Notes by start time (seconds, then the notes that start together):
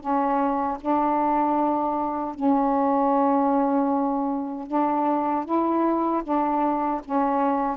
0.00 C#4
0.80 D4
2.34 C#4
4.67 D4
5.45 E4
6.23 D4
7.05 C#4